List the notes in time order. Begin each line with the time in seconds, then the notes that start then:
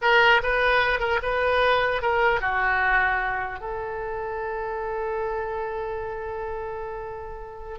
0.01 A#4
0.42 B4
0.99 A#4
1.22 B4
2.02 A#4
2.41 F#4
3.59 A4